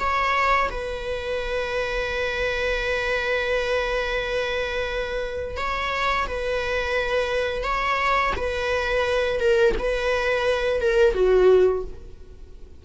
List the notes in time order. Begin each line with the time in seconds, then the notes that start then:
0.00 C#5
0.70 B4
5.57 C#5
6.28 B4
7.63 C#5
8.36 B4
9.40 A#4
9.79 B4
10.81 A#4
11.14 F#4